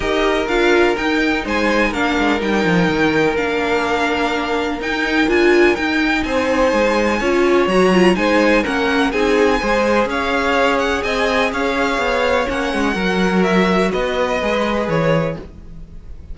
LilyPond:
<<
  \new Staff \with { instrumentName = "violin" } { \time 4/4 \tempo 4 = 125 dis''4 f''4 g''4 gis''4 | f''4 g''2 f''4~ | f''2 g''4 gis''4 | g''4 gis''2. |
ais''4 gis''4 fis''4 gis''4~ | gis''4 f''4. fis''8 gis''4 | f''2 fis''2 | e''4 dis''2 cis''4 | }
  \new Staff \with { instrumentName = "violin" } { \time 4/4 ais'2. c''4 | ais'1~ | ais'1~ | ais'4 c''2 cis''4~ |
cis''4 c''4 ais'4 gis'4 | c''4 cis''2 dis''4 | cis''2. ais'4~ | ais'4 b'2. | }
  \new Staff \with { instrumentName = "viola" } { \time 4/4 g'4 f'4 dis'2 | d'4 dis'2 d'4~ | d'2 dis'4 f'4 | dis'2. f'4 |
fis'8 f'8 dis'4 cis'4 dis'4 | gis'1~ | gis'2 cis'4 fis'4~ | fis'2 gis'2 | }
  \new Staff \with { instrumentName = "cello" } { \time 4/4 dis'4 d'4 dis'4 gis4 | ais8 gis8 g8 f8 dis4 ais4~ | ais2 dis'4 d'4 | dis'4 c'4 gis4 cis'4 |
fis4 gis4 ais4 c'4 | gis4 cis'2 c'4 | cis'4 b4 ais8 gis8 fis4~ | fis4 b4 gis4 e4 | }
>>